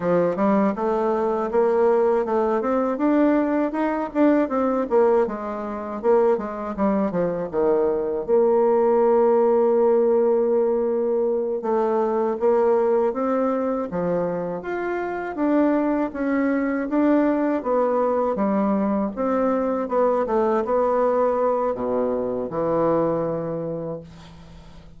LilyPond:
\new Staff \with { instrumentName = "bassoon" } { \time 4/4 \tempo 4 = 80 f8 g8 a4 ais4 a8 c'8 | d'4 dis'8 d'8 c'8 ais8 gis4 | ais8 gis8 g8 f8 dis4 ais4~ | ais2.~ ais8 a8~ |
a8 ais4 c'4 f4 f'8~ | f'8 d'4 cis'4 d'4 b8~ | b8 g4 c'4 b8 a8 b8~ | b4 b,4 e2 | }